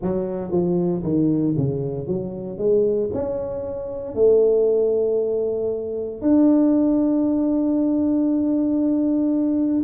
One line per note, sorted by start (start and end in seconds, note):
0.02 0.51 F#3
0.51 1.03 F3
1.03 1.55 D#3
1.57 2.07 C#3
2.07 2.58 F#3
2.58 3.09 G#3
3.13 4.14 C#4
4.14 6.21 A3
6.21 9.83 D4